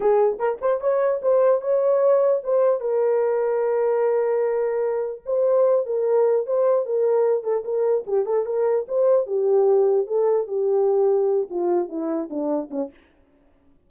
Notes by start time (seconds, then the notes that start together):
0.00 G#4
0.38 A#4
0.61 C5
0.80 C#5
1.22 C5
1.61 C#5
2.43 C5
2.80 A#4
5.25 C5
5.86 A#4
6.46 C5
6.85 A#4
7.43 A4
7.64 A#4
8.06 G4
8.25 A4
8.45 A#4
8.88 C5
9.26 G4
10.07 A4
10.47 G4
11.50 F4
11.89 E4
12.29 D4
12.70 C#4